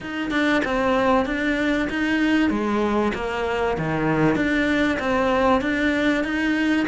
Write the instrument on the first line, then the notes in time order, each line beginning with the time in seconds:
cello
0.00 D#4
0.31 D4
0.64 C4
1.25 D4
1.89 D#4
2.49 G#3
3.14 A#3
3.78 D#3
4.35 D4
4.99 C4
5.61 D4
6.24 D#4